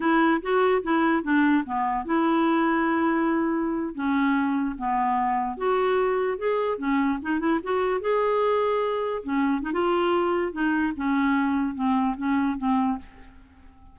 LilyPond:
\new Staff \with { instrumentName = "clarinet" } { \time 4/4 \tempo 4 = 148 e'4 fis'4 e'4 d'4 | b4 e'2.~ | e'4.~ e'16 cis'2 b16~ | b4.~ b16 fis'2 gis'16~ |
gis'8. cis'4 dis'8 e'8 fis'4 gis'16~ | gis'2~ gis'8. cis'4 dis'16 | f'2 dis'4 cis'4~ | cis'4 c'4 cis'4 c'4 | }